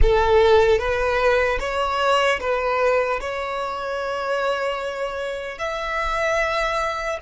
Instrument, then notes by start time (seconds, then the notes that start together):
violin
0.02 A4
0.79 B4
1.59 C#5
2.40 B4
3.20 C#5
5.58 E5